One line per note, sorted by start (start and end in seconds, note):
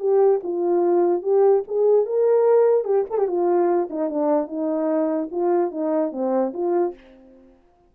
0.00 0.41 G4
0.43 1.23 F4
1.23 1.64 G4
1.68 2.06 G#4
2.06 2.85 A#4
2.85 3.05 G4
3.10 3.18 A4
3.18 3.28 G4
3.28 3.89 F4
3.90 4.10 D#4
4.10 4.47 D4
4.47 5.29 D#4
5.31 5.71 F4
5.71 6.12 D#4
6.12 6.53 C4
6.54 6.95 F4